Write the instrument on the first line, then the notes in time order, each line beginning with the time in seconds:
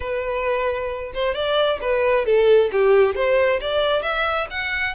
violin
0.00 B4
1.14 C5
1.34 D5
1.81 B4
2.25 A4
2.72 G4
3.15 C5
3.60 D5
4.02 E5
4.50 F#5